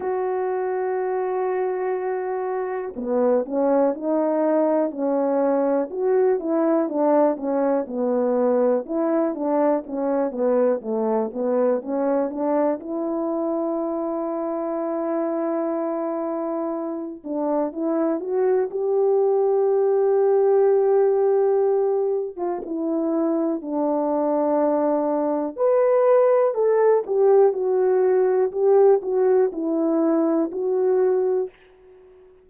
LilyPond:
\new Staff \with { instrumentName = "horn" } { \time 4/4 \tempo 4 = 61 fis'2. b8 cis'8 | dis'4 cis'4 fis'8 e'8 d'8 cis'8 | b4 e'8 d'8 cis'8 b8 a8 b8 | cis'8 d'8 e'2.~ |
e'4. d'8 e'8 fis'8 g'4~ | g'2~ g'8. f'16 e'4 | d'2 b'4 a'8 g'8 | fis'4 g'8 fis'8 e'4 fis'4 | }